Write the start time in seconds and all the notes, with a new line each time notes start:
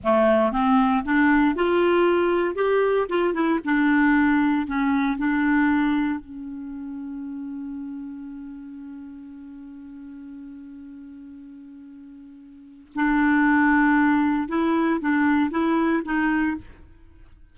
0.03 A3
0.52 C4
1.04 D4
1.55 F4
2.55 G4
3.09 F4
3.34 E4
3.64 D4
4.66 C#4
5.17 D4
6.20 C#4
12.95 D4
14.48 E4
15.00 D4
15.51 E4
16.05 D#4